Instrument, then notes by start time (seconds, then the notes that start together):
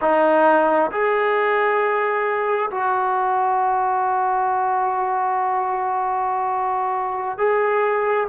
trombone
0.01 D#4
0.91 G#4
2.70 F#4
7.38 G#4